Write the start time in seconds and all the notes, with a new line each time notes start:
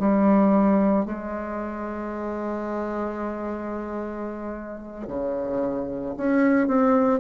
0.00 G3
1.06 G#3
5.07 C#3
6.18 C#4
6.68 C4